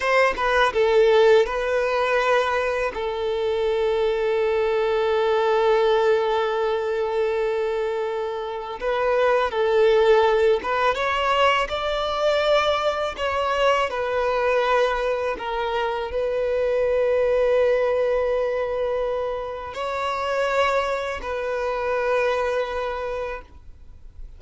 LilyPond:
\new Staff \with { instrumentName = "violin" } { \time 4/4 \tempo 4 = 82 c''8 b'8 a'4 b'2 | a'1~ | a'1 | b'4 a'4. b'8 cis''4 |
d''2 cis''4 b'4~ | b'4 ais'4 b'2~ | b'2. cis''4~ | cis''4 b'2. | }